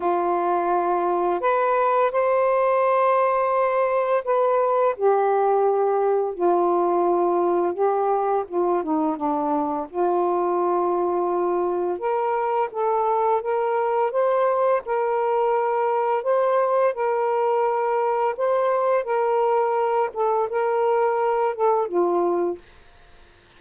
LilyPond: \new Staff \with { instrumentName = "saxophone" } { \time 4/4 \tempo 4 = 85 f'2 b'4 c''4~ | c''2 b'4 g'4~ | g'4 f'2 g'4 | f'8 dis'8 d'4 f'2~ |
f'4 ais'4 a'4 ais'4 | c''4 ais'2 c''4 | ais'2 c''4 ais'4~ | ais'8 a'8 ais'4. a'8 f'4 | }